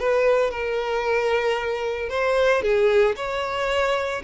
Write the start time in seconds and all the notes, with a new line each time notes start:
0.00 B4
0.51 A#4
2.09 C5
2.63 G#4
3.16 C#5